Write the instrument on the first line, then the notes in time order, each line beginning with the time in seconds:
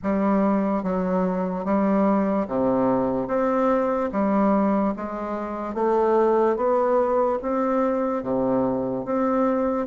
bassoon
0.03 G3
0.83 F#3
1.64 G3
2.47 C3
3.27 C4
4.11 G3
4.96 G#3
5.74 A3
6.56 B3
7.42 C4
8.22 C3
9.05 C4